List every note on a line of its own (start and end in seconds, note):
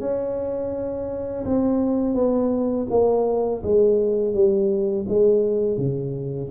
0.00 1.45 C#4
1.45 2.14 C4
2.14 2.87 B3
2.90 3.62 A#3
3.63 4.34 G#3
4.34 5.06 G3
5.08 5.77 G#3
5.77 6.49 C#3